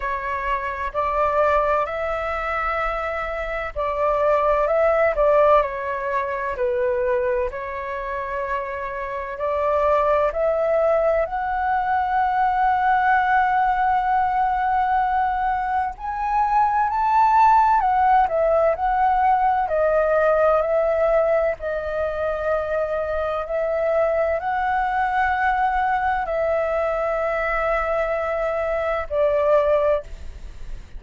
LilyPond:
\new Staff \with { instrumentName = "flute" } { \time 4/4 \tempo 4 = 64 cis''4 d''4 e''2 | d''4 e''8 d''8 cis''4 b'4 | cis''2 d''4 e''4 | fis''1~ |
fis''4 gis''4 a''4 fis''8 e''8 | fis''4 dis''4 e''4 dis''4~ | dis''4 e''4 fis''2 | e''2. d''4 | }